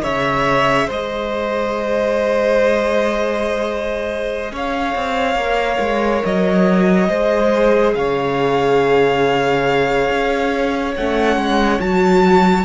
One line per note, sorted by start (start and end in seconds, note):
0.00 0.89 C#3
0.00 5.36 G#4
0.00 0.87 C#5
0.00 0.89 E5
0.87 4.51 G#3
0.87 4.52 C5
0.87 4.55 D#5
4.51 4.94 C#4
4.51 7.09 C#5
4.51 6.25 F5
4.95 5.35 C4
5.35 5.78 A#3
5.35 7.08 A#4
5.79 6.22 G#3
6.25 7.09 F#3
6.25 7.94 D#5
7.08 7.94 G#3
7.08 10.94 G#4
7.08 7.94 C5
7.94 10.09 C#3
7.94 12.65 C#5
7.94 10.94 F5
10.09 10.95 C#4
10.95 11.36 A3
10.95 11.80 C#4
10.95 11.80 F#5
11.36 11.79 G#3
11.80 12.65 F#3
11.80 12.65 F#4
11.80 12.65 A5